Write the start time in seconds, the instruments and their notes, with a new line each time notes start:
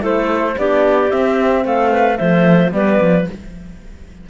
0.00 cello A3, horn E4, clarinet A4, flute C5
0.58 cello B3, horn D4, clarinet G4, flute D5
1.10 horn C4, cello C4, flute E5
1.65 cello A3, clarinet A4, flute F5
1.92 clarinet B4
2.17 cello F3, horn A3, clarinet C5, flute E5
2.72 cello G3, horn B3, clarinet B4, flute D5
3.01 cello F3